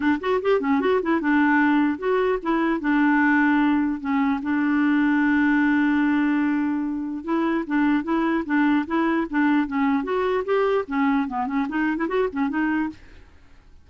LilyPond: \new Staff \with { instrumentName = "clarinet" } { \time 4/4 \tempo 4 = 149 d'8 fis'8 g'8 cis'8 fis'8 e'8 d'4~ | d'4 fis'4 e'4 d'4~ | d'2 cis'4 d'4~ | d'1~ |
d'2 e'4 d'4 | e'4 d'4 e'4 d'4 | cis'4 fis'4 g'4 cis'4 | b8 cis'8 dis'8. e'16 fis'8 cis'8 dis'4 | }